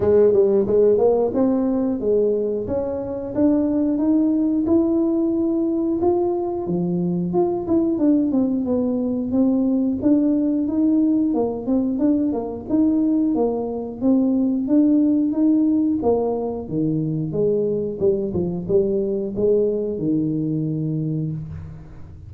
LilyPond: \new Staff \with { instrumentName = "tuba" } { \time 4/4 \tempo 4 = 90 gis8 g8 gis8 ais8 c'4 gis4 | cis'4 d'4 dis'4 e'4~ | e'4 f'4 f4 f'8 e'8 | d'8 c'8 b4 c'4 d'4 |
dis'4 ais8 c'8 d'8 ais8 dis'4 | ais4 c'4 d'4 dis'4 | ais4 dis4 gis4 g8 f8 | g4 gis4 dis2 | }